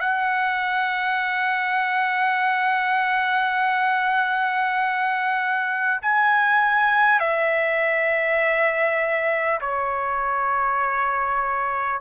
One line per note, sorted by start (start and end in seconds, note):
0.00 6.00 F#5
6.02 7.19 G#5
7.19 9.59 E5
9.61 12.01 C#5